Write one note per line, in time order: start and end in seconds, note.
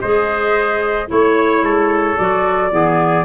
0.00 1.10 G#3
0.00 1.07 G#4
0.00 1.09 C5
0.00 1.08 D#5
1.07 1.62 A3
1.07 2.15 E4
1.07 2.17 C#5
1.07 1.64 C#5
1.62 2.16 G#3
1.62 2.73 A4
2.17 2.72 F#3
2.17 2.71 F#4
2.17 3.25 D5
2.71 3.25 E3
2.71 3.25 B3
2.71 3.25 G#4